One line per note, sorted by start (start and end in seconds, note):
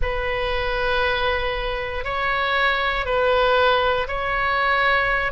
0.02 2.04 B4
2.04 3.05 C#5
3.05 4.07 B4
4.07 5.32 C#5